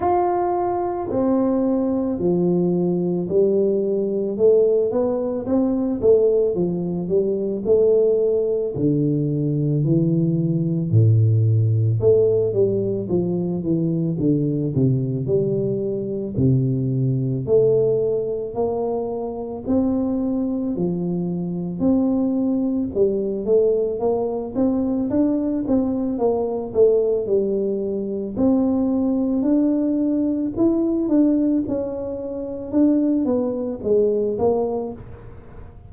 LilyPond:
\new Staff \with { instrumentName = "tuba" } { \time 4/4 \tempo 4 = 55 f'4 c'4 f4 g4 | a8 b8 c'8 a8 f8 g8 a4 | d4 e4 a,4 a8 g8 | f8 e8 d8 c8 g4 c4 |
a4 ais4 c'4 f4 | c'4 g8 a8 ais8 c'8 d'8 c'8 | ais8 a8 g4 c'4 d'4 | e'8 d'8 cis'4 d'8 b8 gis8 ais8 | }